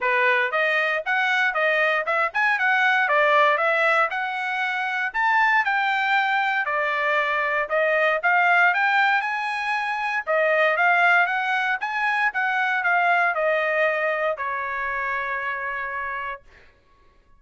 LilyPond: \new Staff \with { instrumentName = "trumpet" } { \time 4/4 \tempo 4 = 117 b'4 dis''4 fis''4 dis''4 | e''8 gis''8 fis''4 d''4 e''4 | fis''2 a''4 g''4~ | g''4 d''2 dis''4 |
f''4 g''4 gis''2 | dis''4 f''4 fis''4 gis''4 | fis''4 f''4 dis''2 | cis''1 | }